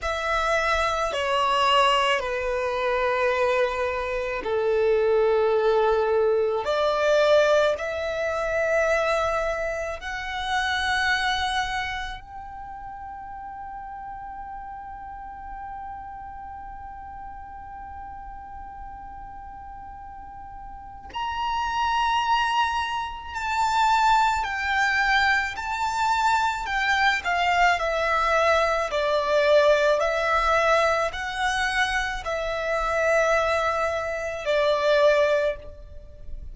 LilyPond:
\new Staff \with { instrumentName = "violin" } { \time 4/4 \tempo 4 = 54 e''4 cis''4 b'2 | a'2 d''4 e''4~ | e''4 fis''2 g''4~ | g''1~ |
g''2. ais''4~ | ais''4 a''4 g''4 a''4 | g''8 f''8 e''4 d''4 e''4 | fis''4 e''2 d''4 | }